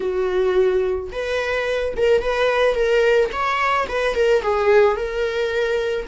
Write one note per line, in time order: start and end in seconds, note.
0.00 1.10 F#4
1.12 1.94 B4
1.96 2.22 A#4
2.22 2.74 B4
2.74 3.30 A#4
3.32 3.87 C#5
3.88 4.15 B4
4.15 4.42 A#4
4.42 4.96 G#4
4.96 6.06 A#4